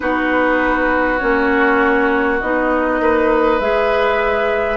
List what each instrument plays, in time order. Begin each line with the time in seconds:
0.00 bassoon B3, clarinet D#4, oboe F#4, flute B4
1.19 bassoon A#3, clarinet C#4, flute C#5
2.40 bassoon B3, clarinet D#4, flute D#5
3.00 bassoon A#3, oboe B4
3.60 bassoon G#3, clarinet G#4, flute E5